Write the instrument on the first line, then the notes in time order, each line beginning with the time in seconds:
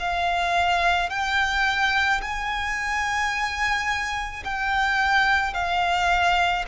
violin
0.00 F5
1.10 G5
2.22 G#5
4.44 G5
5.54 F5